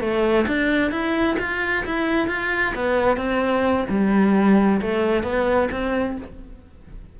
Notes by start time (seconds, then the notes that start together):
0.00 A3
0.47 D4
0.91 E4
1.39 F4
1.85 E4
2.28 F4
2.74 B3
3.16 C4
3.89 G3
4.81 A3
5.23 B3
5.71 C4